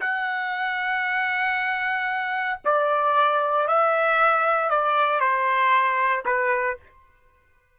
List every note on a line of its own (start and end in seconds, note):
0.00 2.59 F#5
2.64 3.68 D5
3.68 4.70 E5
4.70 5.20 D5
5.20 6.24 C5
6.25 6.77 B4